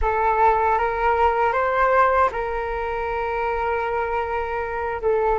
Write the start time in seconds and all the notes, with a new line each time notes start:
0.01 A4
0.78 A#4
1.52 C5
2.31 A#4
5.01 A4